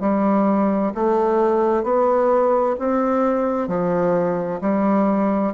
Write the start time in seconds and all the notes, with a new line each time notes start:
0.00 G3
0.94 A3
1.83 B3
2.79 C4
3.68 F3
4.61 G3